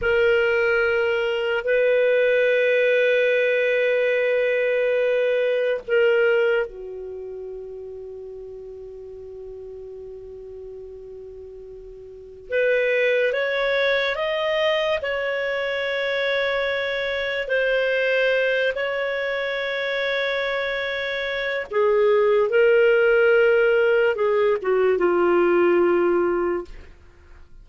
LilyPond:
\new Staff \with { instrumentName = "clarinet" } { \time 4/4 \tempo 4 = 72 ais'2 b'2~ | b'2. ais'4 | fis'1~ | fis'2. b'4 |
cis''4 dis''4 cis''2~ | cis''4 c''4. cis''4.~ | cis''2 gis'4 ais'4~ | ais'4 gis'8 fis'8 f'2 | }